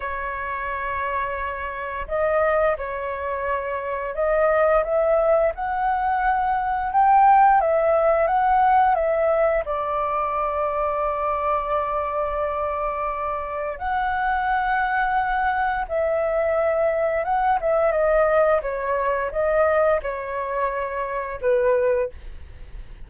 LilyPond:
\new Staff \with { instrumentName = "flute" } { \time 4/4 \tempo 4 = 87 cis''2. dis''4 | cis''2 dis''4 e''4 | fis''2 g''4 e''4 | fis''4 e''4 d''2~ |
d''1 | fis''2. e''4~ | e''4 fis''8 e''8 dis''4 cis''4 | dis''4 cis''2 b'4 | }